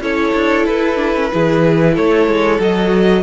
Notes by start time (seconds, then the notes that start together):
0.00 C#4 E4 A4 C#5
0.34 D4
0.65 E4 B4
0.96 D4
1.15 C#4
1.31 E3 E4 G#4
1.94 A3 A4 C#5
2.26 G#3
2.59 F#3 F#4 D#5